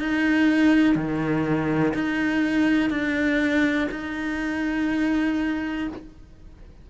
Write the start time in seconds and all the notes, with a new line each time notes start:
0.00 D#4
0.96 D#3
1.94 D#4
2.91 D4
3.92 D#4